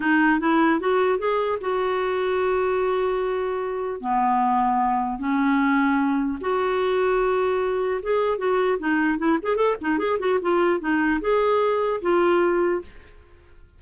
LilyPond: \new Staff \with { instrumentName = "clarinet" } { \time 4/4 \tempo 4 = 150 dis'4 e'4 fis'4 gis'4 | fis'1~ | fis'2 b2~ | b4 cis'2. |
fis'1 | gis'4 fis'4 dis'4 e'8 gis'8 | a'8 dis'8 gis'8 fis'8 f'4 dis'4 | gis'2 f'2 | }